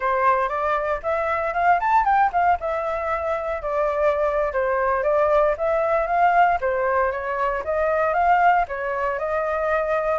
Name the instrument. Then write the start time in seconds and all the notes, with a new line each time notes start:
flute
0.00 C5
0.48 D5
1.03 E5
1.53 F5
1.80 A5
2.04 G5
2.32 F5
2.60 E5
3.62 D5
4.52 C5
5.03 D5
5.57 E5
6.06 F5
6.60 C5
7.11 C#5
7.64 D#5
8.13 F5
8.68 C#5
9.18 D#5